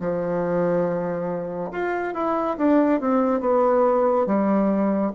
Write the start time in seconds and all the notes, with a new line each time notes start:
0.00 F3
1.72 F4
2.14 E4
2.58 D4
3.00 C4
3.41 B3
4.27 G3